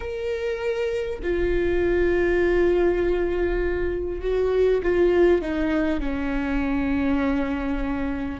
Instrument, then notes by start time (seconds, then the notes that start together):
viola
0.00 A#4
1.22 F4
4.21 F#4
4.82 F4
5.41 D#4
5.99 C#4